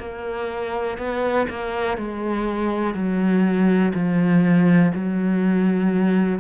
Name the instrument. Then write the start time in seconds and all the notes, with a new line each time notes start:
cello
0.00 A#3
0.98 B3
1.50 A#3
1.98 G#3
2.95 F#3
3.94 F3
4.95 F#3